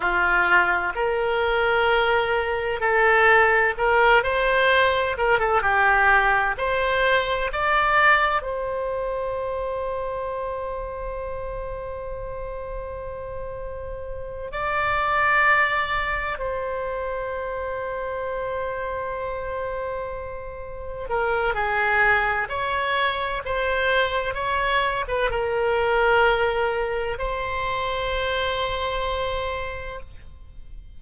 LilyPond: \new Staff \with { instrumentName = "oboe" } { \time 4/4 \tempo 4 = 64 f'4 ais'2 a'4 | ais'8 c''4 ais'16 a'16 g'4 c''4 | d''4 c''2.~ | c''2.~ c''8 d''8~ |
d''4. c''2~ c''8~ | c''2~ c''8 ais'8 gis'4 | cis''4 c''4 cis''8. b'16 ais'4~ | ais'4 c''2. | }